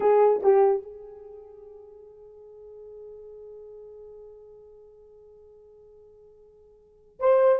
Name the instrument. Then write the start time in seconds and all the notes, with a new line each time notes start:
horn
0.00 G#4
0.42 G4
0.82 G#4
7.19 C5